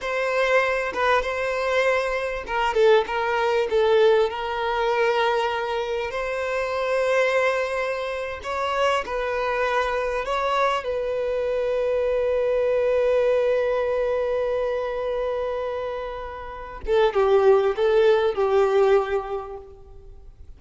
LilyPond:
\new Staff \with { instrumentName = "violin" } { \time 4/4 \tempo 4 = 98 c''4. b'8 c''2 | ais'8 a'8 ais'4 a'4 ais'4~ | ais'2 c''2~ | c''4.~ c''16 cis''4 b'4~ b'16~ |
b'8. cis''4 b'2~ b'16~ | b'1~ | b'2.~ b'8 a'8 | g'4 a'4 g'2 | }